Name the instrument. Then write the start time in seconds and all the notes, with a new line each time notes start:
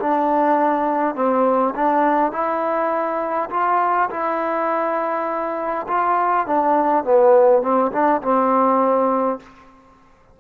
trombone
0.00 D4
1.16 C4
1.76 D4
2.32 E4
3.51 F4
4.11 E4
5.88 F4
6.47 D4
7.05 B3
7.63 C4
7.93 D4
8.22 C4